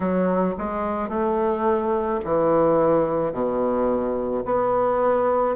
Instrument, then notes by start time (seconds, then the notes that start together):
bassoon
0.00 F#3
0.58 G#3
1.08 A3
2.24 E3
3.32 B2
4.45 B3